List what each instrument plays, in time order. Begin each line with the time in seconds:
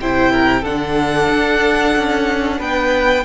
0.00 cello C3, viola E4, violin C5 G5
0.32 violin A#4
0.61 cello D3, viola D4, violin A4 F#5
1.30 cello D4
1.96 cello C#4
2.59 cello B3, violin B4 G5